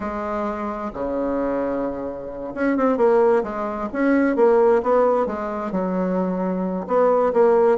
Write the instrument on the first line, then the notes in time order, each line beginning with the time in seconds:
bassoon
0.00 G#3
0.93 C#3
2.54 C#4
2.76 C4
2.97 A#3
3.43 G#3
3.92 C#4
4.36 A#3
4.82 B3
5.26 G#3
5.71 F#3
6.87 B3
7.33 A#3